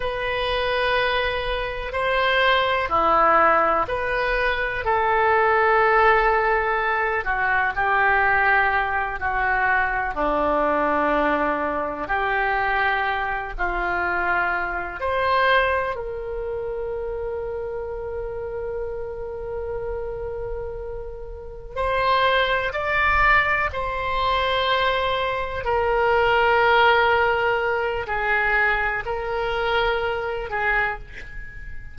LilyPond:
\new Staff \with { instrumentName = "oboe" } { \time 4/4 \tempo 4 = 62 b'2 c''4 e'4 | b'4 a'2~ a'8 fis'8 | g'4. fis'4 d'4.~ | d'8 g'4. f'4. c''8~ |
c''8 ais'2.~ ais'8~ | ais'2~ ais'8 c''4 d''8~ | d''8 c''2 ais'4.~ | ais'4 gis'4 ais'4. gis'8 | }